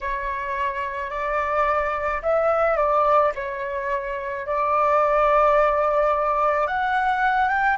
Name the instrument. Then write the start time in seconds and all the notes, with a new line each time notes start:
flute
0.01 C#5
1.10 D5
2.22 E5
2.76 D5
3.35 C#5
4.46 D5
6.67 F#5
7.48 G5